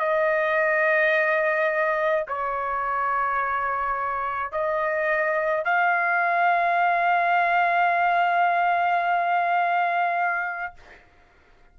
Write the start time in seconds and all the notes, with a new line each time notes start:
0.00 D#5
2.28 C#5
4.52 D#5
5.65 F5